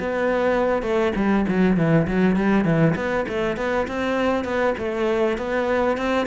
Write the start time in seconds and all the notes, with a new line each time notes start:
0.00 B3
0.83 A3
1.16 G3
1.48 F#3
1.77 E3
2.08 F#3
2.36 G3
2.65 E3
2.96 B3
3.29 A3
3.57 B3
3.88 C4
4.45 B3
4.78 A3
5.38 B3
5.98 C4